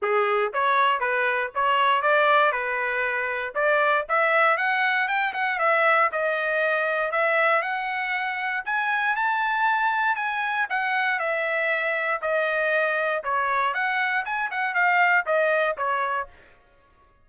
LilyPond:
\new Staff \with { instrumentName = "trumpet" } { \time 4/4 \tempo 4 = 118 gis'4 cis''4 b'4 cis''4 | d''4 b'2 d''4 | e''4 fis''4 g''8 fis''8 e''4 | dis''2 e''4 fis''4~ |
fis''4 gis''4 a''2 | gis''4 fis''4 e''2 | dis''2 cis''4 fis''4 | gis''8 fis''8 f''4 dis''4 cis''4 | }